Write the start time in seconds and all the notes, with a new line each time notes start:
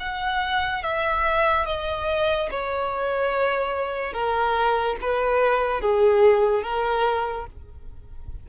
0.00 F#5
0.83 E5
1.66 D#5
2.50 C#5
4.13 A#4
5.01 B4
5.81 G#4
6.63 A#4